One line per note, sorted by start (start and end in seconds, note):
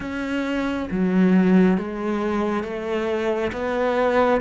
0.00 0.88 C#4
0.90 1.77 F#3
1.77 2.63 G#3
2.63 3.51 A3
3.52 4.40 B3